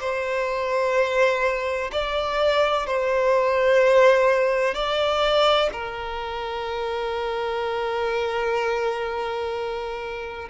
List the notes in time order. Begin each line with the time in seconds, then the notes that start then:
0.00 C5
1.92 D5
2.86 C5
4.74 D5
5.72 A#4